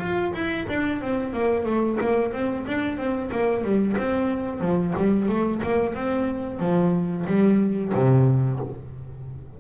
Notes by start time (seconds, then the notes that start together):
0.00 F4
0.34 E4
0.69 D4
1.02 C4
1.33 A#3
1.65 A3
2.01 A#3
2.33 C4
2.67 D4
2.98 C4
3.31 A#3
3.64 G3
3.98 C4
4.61 F3
4.97 G3
5.29 A3
5.63 A#3
5.94 C4
6.60 F3
7.27 G3
7.94 C3